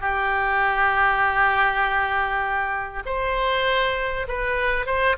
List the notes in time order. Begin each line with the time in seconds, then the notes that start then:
0.00 G4
3.05 C5
4.28 B4
4.86 C5